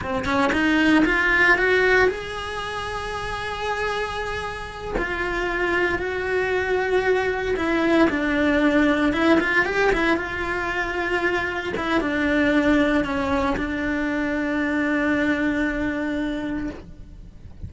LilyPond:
\new Staff \with { instrumentName = "cello" } { \time 4/4 \tempo 4 = 115 c'8 cis'8 dis'4 f'4 fis'4 | gis'1~ | gis'4. f'2 fis'8~ | fis'2~ fis'8 e'4 d'8~ |
d'4. e'8 f'8 g'8 e'8 f'8~ | f'2~ f'8 e'8 d'4~ | d'4 cis'4 d'2~ | d'1 | }